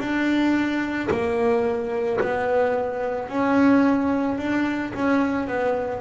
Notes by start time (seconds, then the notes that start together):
0.00 D4
1.12 A#3
2.21 B3
3.29 C#4
4.39 D4
4.94 C#4
5.48 B3